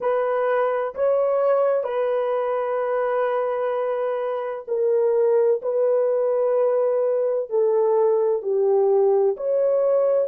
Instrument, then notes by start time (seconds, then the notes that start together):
horn
0.00 B4
0.94 C#5
1.83 B4
4.67 A#4
5.62 B4
7.49 A4
8.42 G4
9.37 C#5